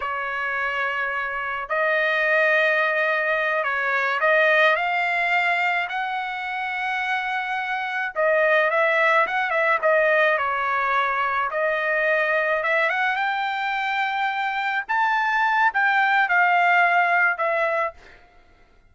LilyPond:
\new Staff \with { instrumentName = "trumpet" } { \time 4/4 \tempo 4 = 107 cis''2. dis''4~ | dis''2~ dis''8 cis''4 dis''8~ | dis''8 f''2 fis''4.~ | fis''2~ fis''8 dis''4 e''8~ |
e''8 fis''8 e''8 dis''4 cis''4.~ | cis''8 dis''2 e''8 fis''8 g''8~ | g''2~ g''8 a''4. | g''4 f''2 e''4 | }